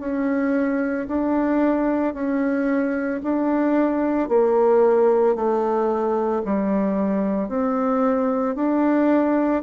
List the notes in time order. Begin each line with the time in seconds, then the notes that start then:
0.00 C#4
1.08 D4
2.14 C#4
3.23 D4
4.29 A#3
5.35 A3
6.45 G3
7.49 C4
8.56 D4